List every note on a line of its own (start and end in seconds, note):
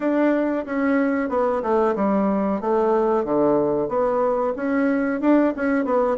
0.00 0.65 D4
0.65 1.29 C#4
1.29 1.62 B3
1.62 1.94 A3
1.95 2.61 G3
2.61 3.24 A3
3.24 3.88 D3
3.88 4.53 B3
4.56 5.21 C#4
5.21 5.53 D4
5.56 5.84 C#4
5.84 6.17 B3